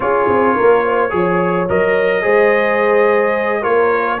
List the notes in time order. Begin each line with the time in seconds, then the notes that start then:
0.00 C#4 F4 G#4 C#5
0.28 C4
0.55 A#3 A#4
0.84 C5
1.10 F3 G#4 C#5
1.68 F#3 A#4 D#5
2.21 G#3 G#4 C5
3.61 A#3 F4 A#4 C#5